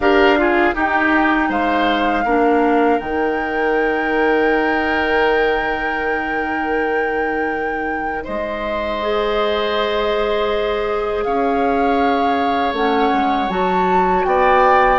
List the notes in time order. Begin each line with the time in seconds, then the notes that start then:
0.00 D4 G4 A#4 F5
0.37 F4 G#4
0.73 D#4 G4 G5
1.49 G#3 C5 F5
2.24 A#3 D4 A#4
2.99 D#3 D#4 G5
8.24 G#3 C5 D#5
9.01 G#4
11.23 C#4 C#5 F5
12.73 A3 C#4 F#5
13.12 G#3
13.48 F#3 F#4 A5
14.24 B3 D5 G5